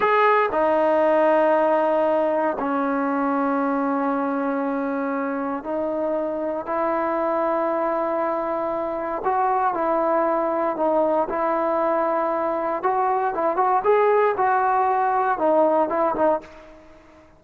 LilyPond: \new Staff \with { instrumentName = "trombone" } { \time 4/4 \tempo 4 = 117 gis'4 dis'2.~ | dis'4 cis'2.~ | cis'2. dis'4~ | dis'4 e'2.~ |
e'2 fis'4 e'4~ | e'4 dis'4 e'2~ | e'4 fis'4 e'8 fis'8 gis'4 | fis'2 dis'4 e'8 dis'8 | }